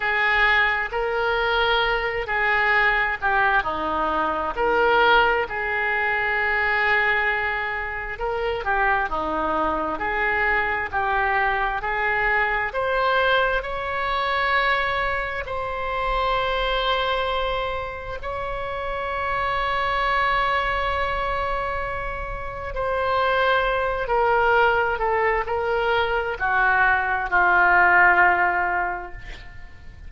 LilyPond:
\new Staff \with { instrumentName = "oboe" } { \time 4/4 \tempo 4 = 66 gis'4 ais'4. gis'4 g'8 | dis'4 ais'4 gis'2~ | gis'4 ais'8 g'8 dis'4 gis'4 | g'4 gis'4 c''4 cis''4~ |
cis''4 c''2. | cis''1~ | cis''4 c''4. ais'4 a'8 | ais'4 fis'4 f'2 | }